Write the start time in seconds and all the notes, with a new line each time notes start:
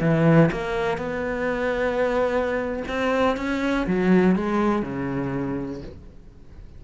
0.00 E3
0.51 A#3
0.97 B3
2.88 C4
3.37 C#4
3.87 F#3
4.35 G#3
4.82 C#3